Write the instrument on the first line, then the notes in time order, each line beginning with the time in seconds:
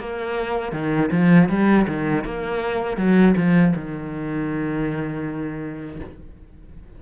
cello
0.00 A#3
0.73 D#3
1.12 F3
1.49 G3
1.88 D#3
2.25 A#3
2.97 F#3
3.37 F3
3.76 D#3